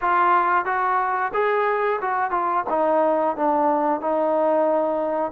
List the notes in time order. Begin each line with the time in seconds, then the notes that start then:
0.01 F4
0.65 F#4
1.33 G#4
2.01 F#4
2.31 F4
2.69 D#4
3.36 D4
4.00 D#4